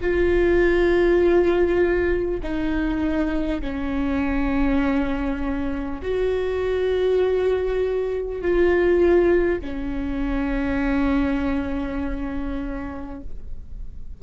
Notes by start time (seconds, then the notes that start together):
0.00 F4
2.43 D#4
3.61 C#4
6.02 F#4
8.41 F4
9.61 C#4